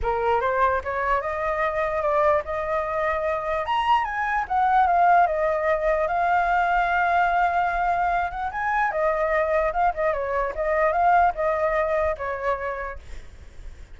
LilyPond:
\new Staff \with { instrumentName = "flute" } { \time 4/4 \tempo 4 = 148 ais'4 c''4 cis''4 dis''4~ | dis''4 d''4 dis''2~ | dis''4 ais''4 gis''4 fis''4 | f''4 dis''2 f''4~ |
f''1~ | f''8 fis''8 gis''4 dis''2 | f''8 dis''8 cis''4 dis''4 f''4 | dis''2 cis''2 | }